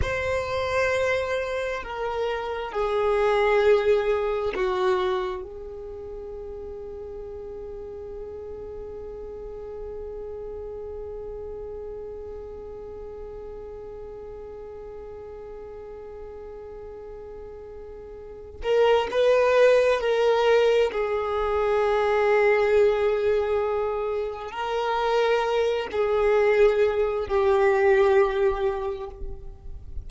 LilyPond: \new Staff \with { instrumentName = "violin" } { \time 4/4 \tempo 4 = 66 c''2 ais'4 gis'4~ | gis'4 fis'4 gis'2~ | gis'1~ | gis'1~ |
gis'1~ | gis'8 ais'8 b'4 ais'4 gis'4~ | gis'2. ais'4~ | ais'8 gis'4. g'2 | }